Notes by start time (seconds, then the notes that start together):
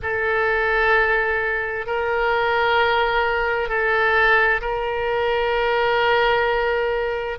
0.02 A4
1.86 A#4
3.68 A4
4.61 A#4